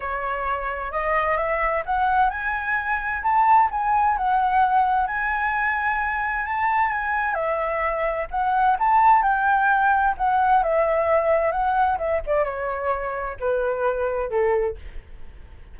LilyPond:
\new Staff \with { instrumentName = "flute" } { \time 4/4 \tempo 4 = 130 cis''2 dis''4 e''4 | fis''4 gis''2 a''4 | gis''4 fis''2 gis''4~ | gis''2 a''4 gis''4 |
e''2 fis''4 a''4 | g''2 fis''4 e''4~ | e''4 fis''4 e''8 d''8 cis''4~ | cis''4 b'2 a'4 | }